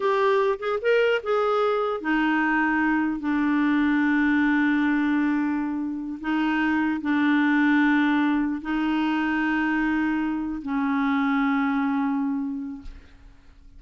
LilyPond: \new Staff \with { instrumentName = "clarinet" } { \time 4/4 \tempo 4 = 150 g'4. gis'8 ais'4 gis'4~ | gis'4 dis'2. | d'1~ | d'2.~ d'8 dis'8~ |
dis'4. d'2~ d'8~ | d'4. dis'2~ dis'8~ | dis'2~ dis'8 cis'4.~ | cis'1 | }